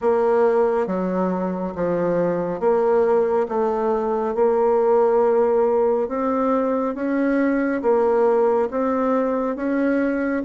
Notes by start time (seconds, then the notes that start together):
0.01 A#3
0.87 F#3
1.75 F3
2.60 A#3
3.48 A3
4.34 A#3
6.08 C4
6.94 C#4
7.81 A#3
8.70 C4
9.55 C#4